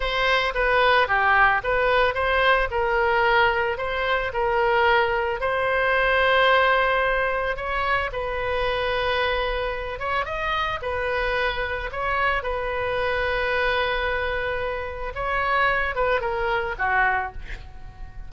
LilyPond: \new Staff \with { instrumentName = "oboe" } { \time 4/4 \tempo 4 = 111 c''4 b'4 g'4 b'4 | c''4 ais'2 c''4 | ais'2 c''2~ | c''2 cis''4 b'4~ |
b'2~ b'8 cis''8 dis''4 | b'2 cis''4 b'4~ | b'1 | cis''4. b'8 ais'4 fis'4 | }